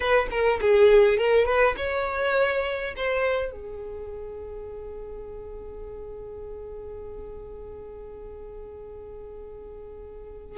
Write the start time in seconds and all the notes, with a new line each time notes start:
0.00 B4
0.30 A#4
0.61 G#4
1.17 A#4
1.45 B4
1.76 C#5
2.96 C5
3.51 G#4